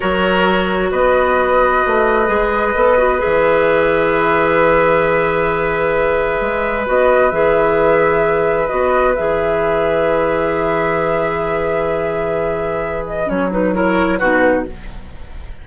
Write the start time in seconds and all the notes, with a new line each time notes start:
0.00 F#3 F#4 A#4 C#5
0.91 B3 B4 D#5
1.86 A3
2.27 G#3 G#4
2.75 B3 A4
2.97 F#4
3.18 G#4 E5
3.25 E3
6.40 G#3
6.86 B3 F#4 D#5
7.30 E3 G#4 E5
8.67 B3 F#4 D#5
9.15 E3 G#4 E5
13.06 D#5
13.26 F#3 C#4 C#5
13.51 D#4 B4
13.73 E4 A#4 C#5
14.18 B2 D#4 F#4 B4